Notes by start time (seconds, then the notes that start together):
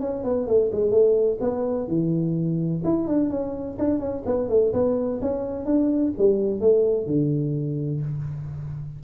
0.00 C#4
0.24 B3
0.47 A3
0.72 G#3
0.91 A3
1.40 B3
1.88 E3
2.84 E4
3.07 D4
3.30 C#4
3.78 D4
3.99 C#4
4.26 B3
4.49 A3
4.73 B3
5.21 C#4
5.65 D4
6.18 G3
6.61 A3
7.07 D3